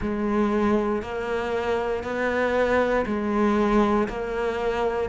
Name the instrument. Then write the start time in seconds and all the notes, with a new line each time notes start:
cello
0.01 G#3
1.02 A#3
2.03 B3
3.06 G#3
4.08 A#3